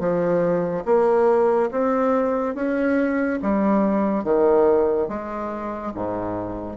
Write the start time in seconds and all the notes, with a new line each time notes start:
0.00 F3
0.86 A#3
1.72 C4
2.55 C#4
3.43 G3
4.24 D#3
5.09 G#3
5.95 G#2